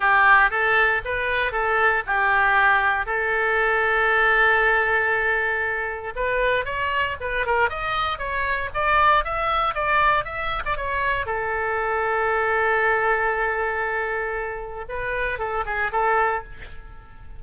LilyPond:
\new Staff \with { instrumentName = "oboe" } { \time 4/4 \tempo 4 = 117 g'4 a'4 b'4 a'4 | g'2 a'2~ | a'1 | b'4 cis''4 b'8 ais'8 dis''4 |
cis''4 d''4 e''4 d''4 | e''8. d''16 cis''4 a'2~ | a'1~ | a'4 b'4 a'8 gis'8 a'4 | }